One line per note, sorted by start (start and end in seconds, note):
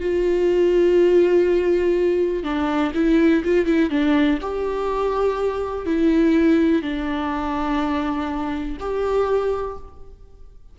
0.00 2.43 F4
2.43 2.92 D4
2.94 3.43 E4
3.44 3.66 F4
3.66 3.90 E4
3.90 4.39 D4
4.41 5.86 G4
5.86 6.82 E4
6.82 8.77 D4
8.80 9.77 G4